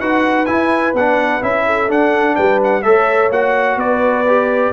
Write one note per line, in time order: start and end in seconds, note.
0.00 0.47 D#4
0.00 0.47 F#4
0.00 1.66 B4
0.00 0.46 F#5
0.46 0.94 E4
0.46 0.93 G#5
0.94 1.41 B3
0.94 1.42 D4
0.94 1.44 F#5
1.42 1.90 C#4
1.42 1.88 E4
1.42 1.91 E5
1.67 2.36 A4
1.88 2.83 D4
1.88 2.37 D4
1.88 2.36 F#5
2.36 2.85 G3
2.36 2.83 B4
2.36 2.60 G5
2.64 2.83 F#5
2.83 3.30 A3
2.83 3.32 A4
2.83 3.79 C#5
2.83 3.30 E5
3.30 3.77 A#3
3.30 4.27 F#4
3.30 3.80 F#5
3.77 4.71 B3
3.77 4.73 B4
3.77 4.73 D5
4.28 4.73 G4